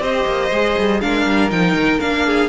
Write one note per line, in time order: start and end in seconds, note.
0.00 0.25 C4
0.00 0.50 G4
0.00 1.01 C5
0.00 1.01 D#5
0.26 0.51 A#3
0.51 0.76 G#3
0.51 1.02 G#4
0.78 1.03 G3
1.01 1.26 G#3
1.01 1.51 D4
1.01 2.26 A#4
1.01 1.51 F5
1.26 1.51 G3
1.51 1.74 F3
1.51 2.00 D#4
1.51 2.00 G5
1.74 1.99 D#3
2.00 2.50 A#3
2.00 2.50 D4
2.00 2.50 F5
2.26 2.50 G#4